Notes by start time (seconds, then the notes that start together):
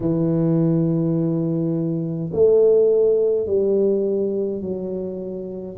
0.00 E3
2.32 A3
3.46 G3
4.61 F#3